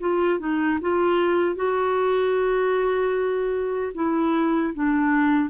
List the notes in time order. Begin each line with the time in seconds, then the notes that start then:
0.00 F4
0.39 D#4
0.81 F4
1.56 F#4
3.94 E4
4.74 D4